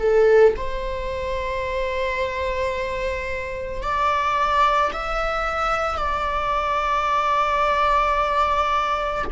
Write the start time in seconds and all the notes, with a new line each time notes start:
0.00 A4
0.57 C5
3.83 D5
4.93 E5
5.98 D5